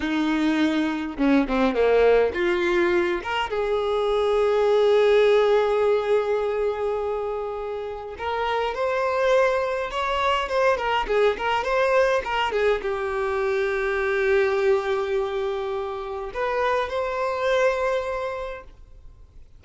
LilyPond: \new Staff \with { instrumentName = "violin" } { \time 4/4 \tempo 4 = 103 dis'2 cis'8 c'8 ais4 | f'4. ais'8 gis'2~ | gis'1~ | gis'2 ais'4 c''4~ |
c''4 cis''4 c''8 ais'8 gis'8 ais'8 | c''4 ais'8 gis'8 g'2~ | g'1 | b'4 c''2. | }